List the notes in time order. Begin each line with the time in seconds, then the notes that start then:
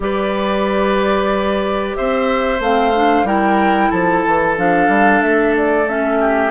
0.00 G3 G4 B4 D5
1.96 C4 C5 E5
2.60 A3 C4 F5
2.94 D4
3.23 G3 E4 A#4 G5
3.90 F3 A4 A5
4.26 E3
4.56 F3 D4 F5
4.88 G3
5.22 A3 E5
5.56 D5
5.87 C#4 E5
6.20 G4